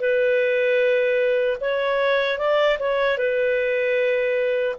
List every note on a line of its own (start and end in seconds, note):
0.00 1.58 B4
1.61 2.39 C#5
2.39 2.78 D5
2.79 3.18 C#5
3.18 4.76 B4